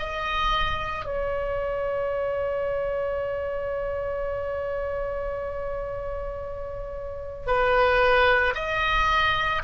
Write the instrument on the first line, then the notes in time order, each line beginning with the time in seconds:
oboe
0.00 D#5
1.06 C#5
7.48 B4
8.55 D#5